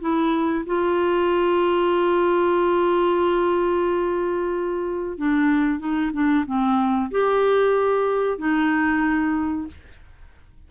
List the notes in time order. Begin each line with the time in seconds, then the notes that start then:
0.00 E4
0.66 F4
5.18 D4
5.79 D#4
6.13 D4
6.46 C4
7.11 G4
8.38 D#4